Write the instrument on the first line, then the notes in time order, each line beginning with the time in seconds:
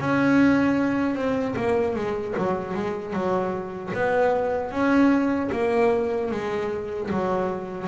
double bass
0.00 C#4
1.16 C4
1.56 A#3
1.96 G#3
2.38 F#3
2.75 G#3
3.13 F#3
3.94 B3
4.72 C#4
5.52 A#3
6.31 G#3
7.11 F#3